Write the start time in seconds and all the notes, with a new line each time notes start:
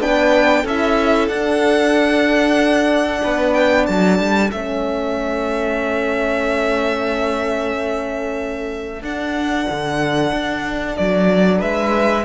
0.00 B3 D4 B4 G5
0.62 C#4 E4 A4 E5
1.29 D4 F#5
3.23 B3 B4
3.54 G5
3.86 F#3 A4 A5
4.19 G3
4.51 A3 C#4 E5
9.02 D4 F#5
9.71 D3
10.32 D4
10.97 F#3 D5
11.59 G#3 B4 E5